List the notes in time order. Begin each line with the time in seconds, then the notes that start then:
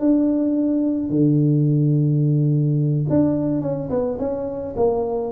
0.00 D4
1.10 D3
3.10 D4
3.62 C#4
3.90 B3
4.19 C#4
4.76 A#3